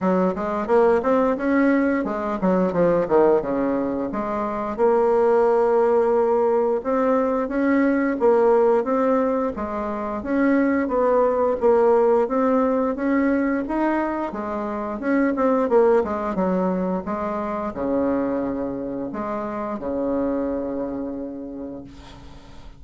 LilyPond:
\new Staff \with { instrumentName = "bassoon" } { \time 4/4 \tempo 4 = 88 fis8 gis8 ais8 c'8 cis'4 gis8 fis8 | f8 dis8 cis4 gis4 ais4~ | ais2 c'4 cis'4 | ais4 c'4 gis4 cis'4 |
b4 ais4 c'4 cis'4 | dis'4 gis4 cis'8 c'8 ais8 gis8 | fis4 gis4 cis2 | gis4 cis2. | }